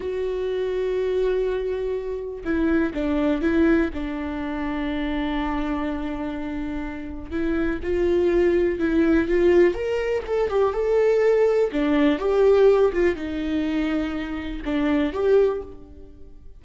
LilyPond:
\new Staff \with { instrumentName = "viola" } { \time 4/4 \tempo 4 = 123 fis'1~ | fis'4 e'4 d'4 e'4 | d'1~ | d'2. e'4 |
f'2 e'4 f'4 | ais'4 a'8 g'8 a'2 | d'4 g'4. f'8 dis'4~ | dis'2 d'4 g'4 | }